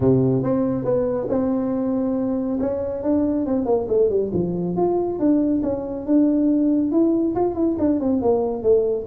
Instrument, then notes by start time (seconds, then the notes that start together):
tuba
0.00 C3
0.42 C4
0.84 B3
1.29 C4
2.59 C#4
3.02 D4
3.46 C4
3.65 A#3
3.88 A3
4.09 G3
4.33 F3
4.76 F4
5.19 D4
5.62 C#4
6.06 D4
6.91 E4
7.35 F4
7.54 E4
7.78 D4
8.00 C4
8.21 A#3
8.62 A3